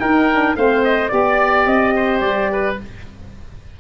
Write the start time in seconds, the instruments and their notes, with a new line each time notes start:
0.00 tuba D#4, saxophone D#4, oboe A#4, trumpet G5
0.32 saxophone D4
0.56 tuba A3, saxophone C4, oboe C5, trumpet F5
0.84 trumpet D#5
1.09 tuba B3, saxophone G4, trumpet D5, oboe D5
1.67 tuba C4, trumpet D#5
1.96 oboe C5
2.21 tuba G3, trumpet D5
2.53 oboe B4